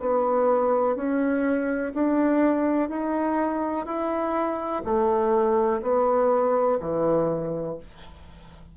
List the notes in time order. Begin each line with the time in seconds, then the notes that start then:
0.00 B3
0.96 C#4
1.94 D4
2.89 D#4
3.86 E4
4.85 A3
5.82 B3
6.80 E3